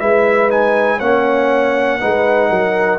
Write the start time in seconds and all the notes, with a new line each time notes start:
0.00 G#3 E4 B4 E5
0.50 D#4 G#5
0.98 A#3 C#4 C#5 F#5
2.00 G#3 D#4 B4
2.50 F#3 A#4